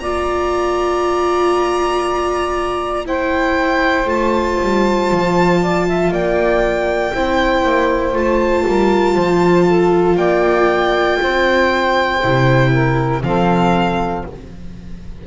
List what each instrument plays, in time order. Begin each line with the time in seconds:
0.00 double bass A#3, viola F4, saxophone D5, violin A#5
3.06 viola E4, saxophone C5, violin G5
4.06 double bass A3, viola F4, violin A5
4.62 double bass G3
5.11 double bass F3
5.62 saxophone D5
5.88 saxophone E5
6.11 double bass A#3, saxophone D5, violin G5
7.14 double bass C4, viola E4, saxophone C5
7.64 double bass A#3
8.13 double bass A3, viola F4, violin A5
8.65 double bass G3, saxophone A#4
9.14 double bass F3, saxophone C5
9.66 saxophone A4
10.17 double bass A#3, saxophone D5, violin G5
11.22 double bass C4, saxophone C5
12.22 double bass C3, viola E4
12.72 saxophone A#4
13.23 double bass F3, viola C4, saxophone A4, violin F5